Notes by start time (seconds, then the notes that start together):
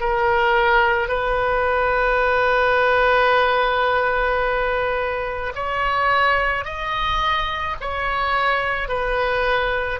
0.00 A#4
1.08 B4
5.55 C#5
6.65 D#5
7.80 C#5
8.88 B4